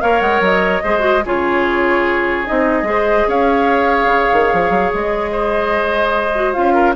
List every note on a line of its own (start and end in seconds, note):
0.00 0.21 A#3
0.00 0.82 A#4
0.00 0.83 C#5
0.00 0.20 F5
0.20 0.40 G#3
0.20 0.41 F#5
0.40 0.81 F#3
0.40 1.25 D#5
0.83 1.25 G#3
0.83 0.99 G#4
0.83 1.24 C5
0.99 1.20 F#4
1.25 2.48 C#3
1.25 2.45 F4
1.25 2.88 G#4
1.25 2.47 C#5
2.45 2.82 C4
2.45 2.84 D#4
2.45 3.29 D#5
2.82 3.23 G#3
2.82 6.31 G#4
2.89 3.28 C5
3.27 4.05 C#4
3.27 5.31 C#5
3.27 4.93 F5
4.05 4.26 C#3
4.32 4.52 D#3
4.52 4.69 F3
4.69 4.90 F#3
4.94 6.56 G#3
4.94 6.53 D#5
5.31 6.74 C5
6.34 6.53 F#4
6.53 6.95 C#4
6.53 6.94 F4
6.53 6.93 F5
6.74 6.94 A#4